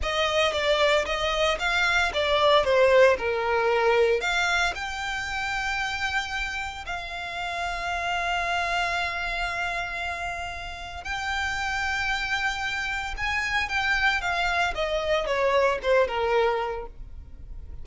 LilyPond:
\new Staff \with { instrumentName = "violin" } { \time 4/4 \tempo 4 = 114 dis''4 d''4 dis''4 f''4 | d''4 c''4 ais'2 | f''4 g''2.~ | g''4 f''2.~ |
f''1~ | f''4 g''2.~ | g''4 gis''4 g''4 f''4 | dis''4 cis''4 c''8 ais'4. | }